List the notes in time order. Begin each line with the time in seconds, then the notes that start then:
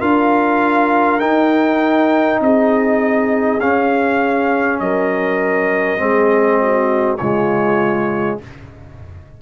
0.00 D4 F4 A#4 F5
1.19 D#4 G5
2.40 C4 G#4 D#5
3.60 C#4 F5
4.79 F#3 A#4 D#5
5.98 G#3 C4 G#4
6.62 F#4
7.17 C#3 G#3 F4 C#5